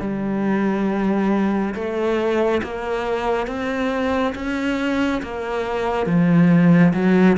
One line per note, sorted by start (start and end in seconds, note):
0.00 1.74 G3
1.74 2.61 A3
2.63 3.47 A#3
3.47 4.34 C4
4.35 5.22 C#4
5.23 6.06 A#3
6.06 6.93 F3
6.93 7.37 F#3